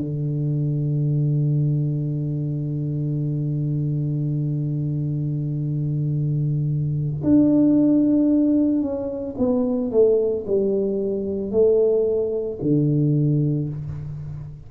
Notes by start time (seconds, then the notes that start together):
0.00 D3
7.23 D4
8.82 C#4
9.38 B3
9.91 A3
10.47 G3
11.51 A3
12.62 D3